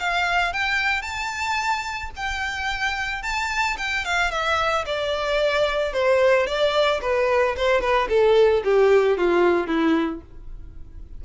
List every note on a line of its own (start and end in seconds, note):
0.00 0.54 F5
0.54 1.02 G5
1.02 2.11 A5
2.17 3.23 G5
3.23 3.77 A5
3.78 4.05 G5
4.05 4.31 F5
4.31 4.86 E5
4.86 5.93 D5
5.93 6.47 C5
6.47 7.01 D5
7.02 7.56 B4
7.57 7.82 C5
7.82 8.09 B4
8.09 8.63 A4
8.65 9.18 G4
9.18 9.67 F4
9.67 10.21 E4